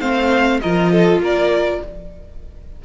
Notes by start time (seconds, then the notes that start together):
0.00 A3 C4 C5 F5
0.61 F3 F4 A#4 D#5
0.92 A4
1.18 A#3 A#4
1.25 D5